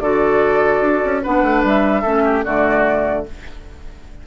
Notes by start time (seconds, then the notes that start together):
0.00 D3 F#4 A4 D5
0.80 D4
1.05 C#4
1.23 B3 D4 B4 F#5
1.43 A3
1.63 G3 E5
2.02 A3 C#4 A4
2.24 G4
2.44 D3 A3 F#4 D5